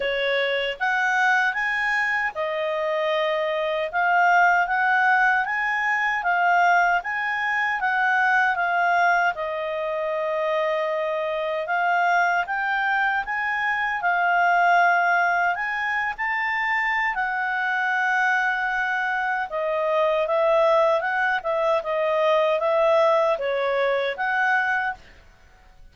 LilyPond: \new Staff \with { instrumentName = "clarinet" } { \time 4/4 \tempo 4 = 77 cis''4 fis''4 gis''4 dis''4~ | dis''4 f''4 fis''4 gis''4 | f''4 gis''4 fis''4 f''4 | dis''2. f''4 |
g''4 gis''4 f''2 | gis''8. a''4~ a''16 fis''2~ | fis''4 dis''4 e''4 fis''8 e''8 | dis''4 e''4 cis''4 fis''4 | }